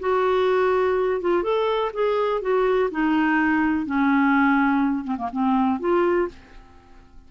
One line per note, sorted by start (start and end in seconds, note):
0.00 1.21 F#4
1.21 1.43 F4
1.43 1.92 A4
1.93 2.42 G#4
2.42 2.90 F#4
2.91 3.86 D#4
3.86 5.05 C#4
5.05 5.17 C4
5.18 5.30 A#3
5.32 5.80 C4
5.80 6.28 F4